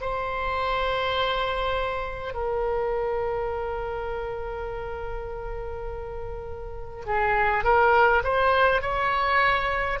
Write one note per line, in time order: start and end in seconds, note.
0.00 2.34 C5
2.34 7.04 A#4
7.06 7.64 G#4
7.64 8.22 A#4
8.23 8.81 C5
8.81 9.99 C#5